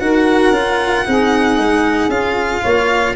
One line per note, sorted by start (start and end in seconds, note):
0.00 0.50 D#4
0.00 0.53 F#4
0.00 1.06 A#4
0.00 2.11 F#5
0.50 1.03 C#4
0.50 1.05 F4
1.05 1.58 C4
1.05 2.10 D#4
1.05 2.61 G#4
1.58 2.09 G#3
2.09 2.61 C#4
2.09 3.16 F4
2.09 3.16 F5
2.61 3.16 A#3
2.61 3.14 C#5